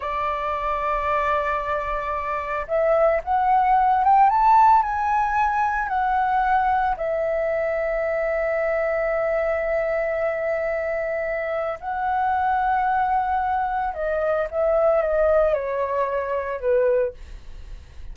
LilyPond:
\new Staff \with { instrumentName = "flute" } { \time 4/4 \tempo 4 = 112 d''1~ | d''4 e''4 fis''4. g''8 | a''4 gis''2 fis''4~ | fis''4 e''2.~ |
e''1~ | e''2 fis''2~ | fis''2 dis''4 e''4 | dis''4 cis''2 b'4 | }